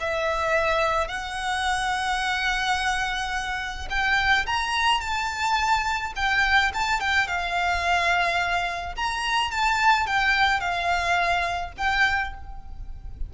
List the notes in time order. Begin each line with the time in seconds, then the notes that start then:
0.00 E5
1.07 F#5
3.89 G5
4.46 A#5
5.00 A5
6.15 G5
6.73 A5
7.00 G5
7.27 F5
8.95 A#5
9.50 A5
10.06 G5
10.60 F5
11.77 G5